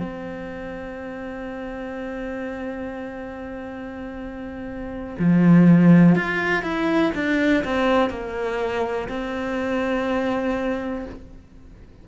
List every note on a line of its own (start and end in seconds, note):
0.00 5.16 C4
5.19 6.15 F3
6.15 6.63 F4
6.63 7.12 E4
7.15 7.64 D4
7.64 8.10 C4
8.10 9.08 A#3
9.09 11.06 C4